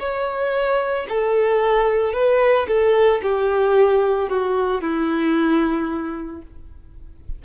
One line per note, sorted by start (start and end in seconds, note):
0.00 1.07 C#5
1.09 2.14 A4
2.14 2.67 B4
2.68 3.21 A4
3.22 4.30 G4
4.30 4.82 F#4
4.82 6.42 E4